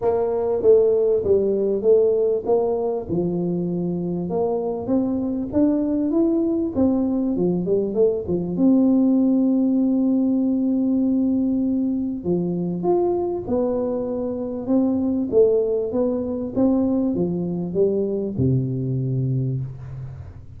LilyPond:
\new Staff \with { instrumentName = "tuba" } { \time 4/4 \tempo 4 = 98 ais4 a4 g4 a4 | ais4 f2 ais4 | c'4 d'4 e'4 c'4 | f8 g8 a8 f8 c'2~ |
c'1 | f4 f'4 b2 | c'4 a4 b4 c'4 | f4 g4 c2 | }